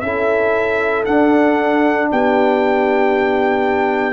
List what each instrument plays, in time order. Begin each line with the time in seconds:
0.00 tuba C#4, trombone E4, horn A4, trumpet E5
1.05 trombone D4, tuba D4, trumpet F#5
2.12 tuba B3, horn G4, trumpet G5